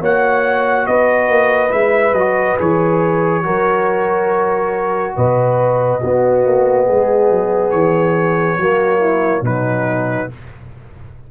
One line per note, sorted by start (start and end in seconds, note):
0.00 0.86 A#3
0.00 1.69 F#4
0.00 0.86 C#5
0.00 0.86 F#5
0.86 1.28 B3
0.86 3.45 B4
0.86 1.71 D#5
1.28 1.71 A#3
1.69 2.12 G#3
1.69 2.12 E4
1.69 2.14 E5
2.12 2.55 F#3
2.12 2.58 F#4
2.12 2.56 D#5
2.58 3.44 E3
2.58 3.42 G#4
2.58 5.15 C#5
3.42 5.16 F#3
3.42 6.00 F#4
3.42 5.16 A#4
5.15 6.02 B2
5.15 6.01 B4
5.15 7.70 D#5
6.01 8.58 B3
6.01 6.45 B3
6.01 6.86 F#4
6.45 6.88 A#3
6.86 7.30 G#3
6.86 8.57 G#4
7.30 7.72 F#3
7.70 8.57 E3
7.70 9.42 C#5
8.57 9.41 F#3
8.57 9.44 A#3
8.57 8.99 F#4
8.99 9.42 E4
9.41 10.26 B2
9.41 10.30 F#3
9.41 10.30 D#4
9.41 10.31 B4